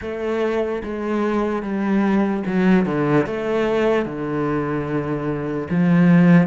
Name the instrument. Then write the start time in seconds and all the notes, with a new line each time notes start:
cello
0.01 A3
0.83 G#3
1.62 G3
2.46 F#3
2.85 D3
3.26 A3
4.05 D3
5.69 F3